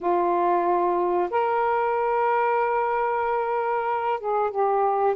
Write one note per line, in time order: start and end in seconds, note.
0.00 1.29 F4
1.30 4.20 A#4
4.20 4.50 G#4
4.50 5.15 G4